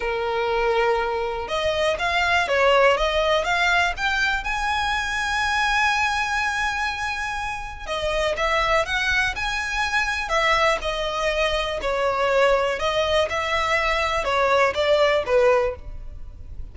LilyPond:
\new Staff \with { instrumentName = "violin" } { \time 4/4 \tempo 4 = 122 ais'2. dis''4 | f''4 cis''4 dis''4 f''4 | g''4 gis''2.~ | gis''1 |
dis''4 e''4 fis''4 gis''4~ | gis''4 e''4 dis''2 | cis''2 dis''4 e''4~ | e''4 cis''4 d''4 b'4 | }